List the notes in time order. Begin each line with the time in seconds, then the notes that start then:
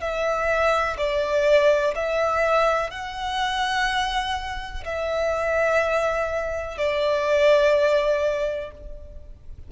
0.00 E5
0.97 D5
1.95 E5
2.90 F#5
4.85 E5
6.77 D5